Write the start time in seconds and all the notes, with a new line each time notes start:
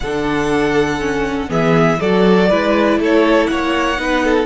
0.00 D3 D4 A4 F#5
0.99 C#4
1.48 E3 B3 G#4 E5
2.00 F#3 F#4 A4 D5
2.49 G#3 E4 B4
2.97 A3 A4
3.04 C#5
3.47 A#3 C#5 F#5
3.96 B3 D#4 B4
4.24 A4